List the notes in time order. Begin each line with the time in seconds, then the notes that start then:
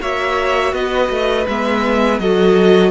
0.00 A#3 F#4 C#5 E5
0.73 B3 B4 D#5
1.09 A3
1.48 G#3 B3 E5
2.19 F#3 F#4 A4 D#5